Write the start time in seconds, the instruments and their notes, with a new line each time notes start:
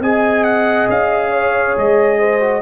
0.00 tuba C4, trombone G#4, horn D#5, trumpet G#5
0.44 trumpet F#5
0.88 tuba C#4, trumpet F5
1.31 horn C#5
1.77 tuba G#3, trumpet D#5
2.18 horn C5
2.40 trombone F#4